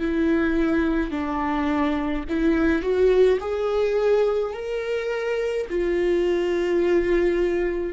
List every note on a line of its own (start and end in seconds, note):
0.00 1.11 E4
1.11 2.25 D4
2.30 2.83 E4
2.83 3.39 F#4
3.41 4.54 G#4
4.54 5.67 A#4
5.70 7.93 F4